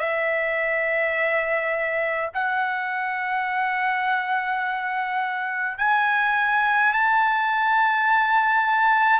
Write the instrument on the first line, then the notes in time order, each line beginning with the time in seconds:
trumpet
0.00 E5
2.34 F#5
5.78 G#5
6.93 A5